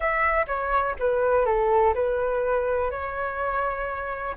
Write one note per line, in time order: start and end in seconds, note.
0.00 0.46 E5
0.47 0.95 C#5
0.99 1.45 B4
1.45 1.94 A4
1.94 2.90 B4
2.90 4.35 C#5